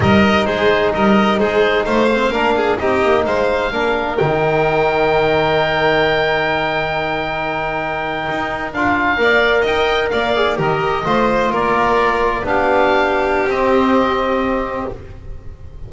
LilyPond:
<<
  \new Staff \with { instrumentName = "oboe" } { \time 4/4 \tempo 4 = 129 dis''4 c''4 dis''4 c''4 | f''2 dis''4 f''4~ | f''4 g''2.~ | g''1~ |
g''2~ g''8. f''4~ f''16~ | f''8. g''4 f''4 dis''4~ dis''16~ | dis''8. d''2 f''4~ f''16~ | f''4 dis''2. | }
  \new Staff \with { instrumentName = "violin" } { \time 4/4 ais'4 gis'4 ais'4 gis'4 | c''4 ais'8 gis'8 g'4 c''4 | ais'1~ | ais'1~ |
ais'2.~ ais'8. d''16~ | d''8. dis''4 d''4 ais'4 c''16~ | c''8. ais'2 g'4~ g'16~ | g'1 | }
  \new Staff \with { instrumentName = "trombone" } { \time 4/4 dis'1~ | dis'8 c'8 d'4 dis'2 | d'4 dis'2.~ | dis'1~ |
dis'2~ dis'8. f'4 ais'16~ | ais'2~ ais'16 gis'8 g'4 f'16~ | f'2~ f'8. d'4~ d'16~ | d'4 c'2. | }
  \new Staff \with { instrumentName = "double bass" } { \time 4/4 g4 gis4 g4 gis4 | a4 ais4 c'8 ais8 gis4 | ais4 dis2.~ | dis1~ |
dis4.~ dis16 dis'4 d'4 ais16~ | ais8. dis'4 ais4 dis4 a16~ | a8. ais2 b4~ b16~ | b4 c'2. | }
>>